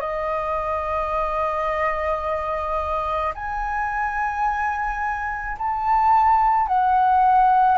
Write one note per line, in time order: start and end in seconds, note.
0.00 3.33 D#5
3.35 5.57 G#5
5.58 6.68 A5
6.68 7.78 F#5